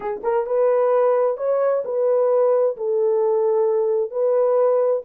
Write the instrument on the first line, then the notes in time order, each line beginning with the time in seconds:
horn
0.00 G#4
0.23 A#4
0.46 B4
1.37 C#5
1.84 B4
2.76 A4
4.11 B4